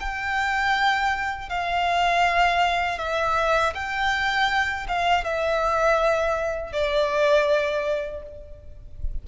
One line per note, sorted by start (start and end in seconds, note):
0.00 1.49 G5
1.49 2.99 F5
2.99 3.74 E5
3.75 4.87 G5
4.88 5.24 F5
5.24 6.73 E5
6.73 8.23 D5